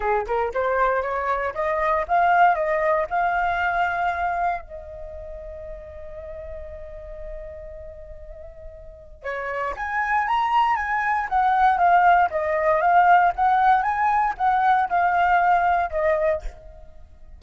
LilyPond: \new Staff \with { instrumentName = "flute" } { \time 4/4 \tempo 4 = 117 gis'8 ais'8 c''4 cis''4 dis''4 | f''4 dis''4 f''2~ | f''4 dis''2.~ | dis''1~ |
dis''2 cis''4 gis''4 | ais''4 gis''4 fis''4 f''4 | dis''4 f''4 fis''4 gis''4 | fis''4 f''2 dis''4 | }